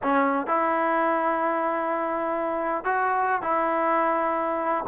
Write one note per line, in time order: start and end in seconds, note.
0.02 0.47 C#4
0.47 2.84 E4
2.84 3.42 F#4
3.42 4.84 E4